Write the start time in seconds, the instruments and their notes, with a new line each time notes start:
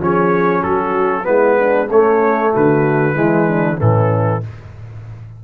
0.00 tuba F3, trombone C#4, horn G#4, trumpet C#5
0.61 tuba F#3, horn F#4, trumpet A4
1.24 tuba G#3, trombone B3, horn E4, trumpet B4
1.59 horn D4
1.88 tuba A3, trombone A3, horn C#4, trumpet C#5
2.53 tuba D3, horn F#4, trumpet B4
3.14 tuba E3, trombone G#3, horn E4
3.48 horn D4
3.78 tuba A2, trombone E3, horn C#4, trumpet A4